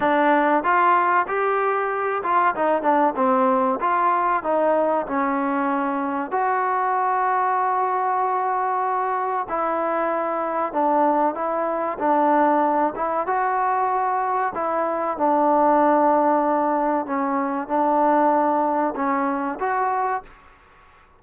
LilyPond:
\new Staff \with { instrumentName = "trombone" } { \time 4/4 \tempo 4 = 95 d'4 f'4 g'4. f'8 | dis'8 d'8 c'4 f'4 dis'4 | cis'2 fis'2~ | fis'2. e'4~ |
e'4 d'4 e'4 d'4~ | d'8 e'8 fis'2 e'4 | d'2. cis'4 | d'2 cis'4 fis'4 | }